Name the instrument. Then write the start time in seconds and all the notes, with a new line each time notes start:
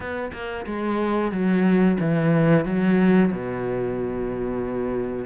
cello
0.00 B3
0.32 A#3
0.66 G#3
1.31 F#3
1.99 E3
2.65 F#3
3.31 B2